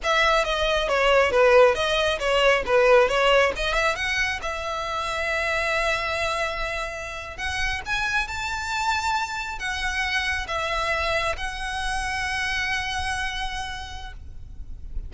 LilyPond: \new Staff \with { instrumentName = "violin" } { \time 4/4 \tempo 4 = 136 e''4 dis''4 cis''4 b'4 | dis''4 cis''4 b'4 cis''4 | dis''8 e''8 fis''4 e''2~ | e''1~ |
e''8. fis''4 gis''4 a''4~ a''16~ | a''4.~ a''16 fis''2 e''16~ | e''4.~ e''16 fis''2~ fis''16~ | fis''1 | }